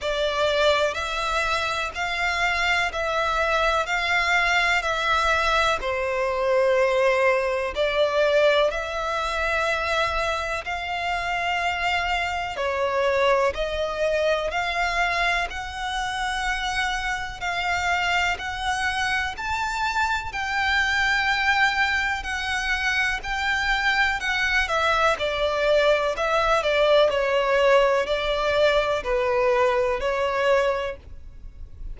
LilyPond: \new Staff \with { instrumentName = "violin" } { \time 4/4 \tempo 4 = 62 d''4 e''4 f''4 e''4 | f''4 e''4 c''2 | d''4 e''2 f''4~ | f''4 cis''4 dis''4 f''4 |
fis''2 f''4 fis''4 | a''4 g''2 fis''4 | g''4 fis''8 e''8 d''4 e''8 d''8 | cis''4 d''4 b'4 cis''4 | }